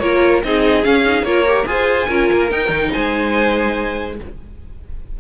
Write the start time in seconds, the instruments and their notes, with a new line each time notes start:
0.00 cello A#3, viola F4, violin A#4 C#5
0.44 cello C4, viola D#4, violin G#4 D#5
0.84 viola C#4, cello C#4, violin F5
1.06 viola D#4
1.22 cello A#3, viola F4, violin A#4 C#5
1.48 viola G4
1.66 cello F4, viola G#4, violin C5 G#5
2.08 cello C#4, viola F4, violin A#4
2.33 cello A#3
2.50 viola D#4, cello D#4, violin G5
2.69 cello D#3
2.93 cello G#3, violin C5 G#5